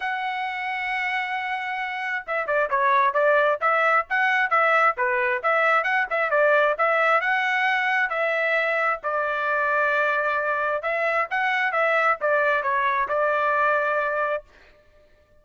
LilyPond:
\new Staff \with { instrumentName = "trumpet" } { \time 4/4 \tempo 4 = 133 fis''1~ | fis''4 e''8 d''8 cis''4 d''4 | e''4 fis''4 e''4 b'4 | e''4 fis''8 e''8 d''4 e''4 |
fis''2 e''2 | d''1 | e''4 fis''4 e''4 d''4 | cis''4 d''2. | }